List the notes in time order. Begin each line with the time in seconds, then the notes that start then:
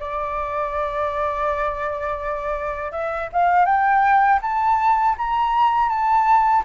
0.00 D5
2.92 E5
3.33 F5
3.65 G5
4.42 A5
5.18 A#5
5.89 A5